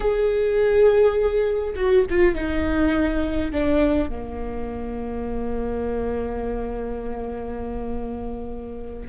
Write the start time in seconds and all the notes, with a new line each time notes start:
0.00 G#4
1.75 F#4
2.10 F4
2.34 D#4
3.51 D4
4.09 A#3